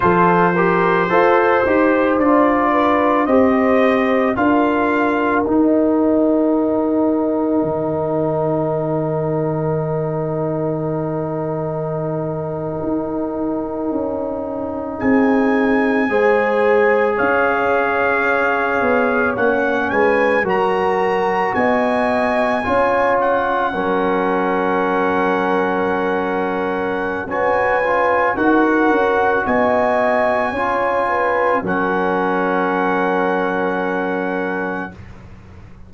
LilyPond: <<
  \new Staff \with { instrumentName = "trumpet" } { \time 4/4 \tempo 4 = 55 c''2 d''4 dis''4 | f''4 g''2.~ | g''1~ | g''4.~ g''16 gis''2 f''16~ |
f''4.~ f''16 fis''8 gis''8 ais''4 gis''16~ | gis''4~ gis''16 fis''2~ fis''8.~ | fis''4 gis''4 fis''4 gis''4~ | gis''4 fis''2. | }
  \new Staff \with { instrumentName = "horn" } { \time 4/4 a'8 ais'8 c''4. b'8 c''4 | ais'1~ | ais'1~ | ais'4.~ ais'16 gis'4 c''4 cis''16~ |
cis''2~ cis''16 b'8 ais'4 dis''16~ | dis''8. cis''4 ais'2~ ais'16~ | ais'4 b'4 ais'4 dis''4 | cis''8 b'8 ais'2. | }
  \new Staff \with { instrumentName = "trombone" } { \time 4/4 f'8 g'8 a'8 g'8 f'4 g'4 | f'4 dis'2.~ | dis'1~ | dis'2~ dis'8. gis'4~ gis'16~ |
gis'4.~ gis'16 cis'4 fis'4~ fis'16~ | fis'8. f'4 cis'2~ cis'16~ | cis'4 fis'8 f'8 fis'2 | f'4 cis'2. | }
  \new Staff \with { instrumentName = "tuba" } { \time 4/4 f4 f'8 dis'8 d'4 c'4 | d'4 dis'2 dis4~ | dis2.~ dis8. dis'16~ | dis'8. cis'4 c'4 gis4 cis'16~ |
cis'4~ cis'16 b8 ais8 gis8 fis4 b16~ | b8. cis'4 fis2~ fis16~ | fis4 cis'4 dis'8 cis'8 b4 | cis'4 fis2. | }
>>